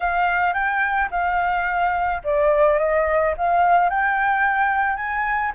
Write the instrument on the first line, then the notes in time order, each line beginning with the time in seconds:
flute
0.00 F5
0.53 G5
1.10 F5
2.24 D5
2.79 D#5
3.37 F5
3.89 G5
4.96 G#5